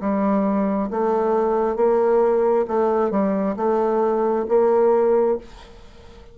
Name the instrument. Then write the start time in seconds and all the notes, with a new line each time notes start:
bassoon
0.00 G3
0.90 A3
1.76 A#3
2.67 A3
3.11 G3
3.56 A3
4.48 A#3